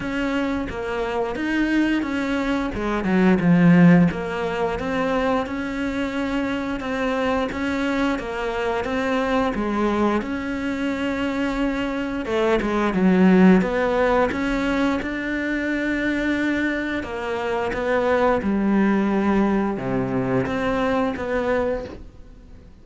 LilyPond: \new Staff \with { instrumentName = "cello" } { \time 4/4 \tempo 4 = 88 cis'4 ais4 dis'4 cis'4 | gis8 fis8 f4 ais4 c'4 | cis'2 c'4 cis'4 | ais4 c'4 gis4 cis'4~ |
cis'2 a8 gis8 fis4 | b4 cis'4 d'2~ | d'4 ais4 b4 g4~ | g4 c4 c'4 b4 | }